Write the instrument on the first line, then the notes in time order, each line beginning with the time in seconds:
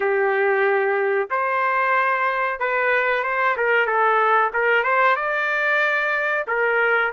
trumpet
0.00 G4
1.30 C5
2.59 B4
3.23 C5
3.57 A#4
3.86 A4
4.53 A#4
4.83 C5
5.16 D5
6.47 A#4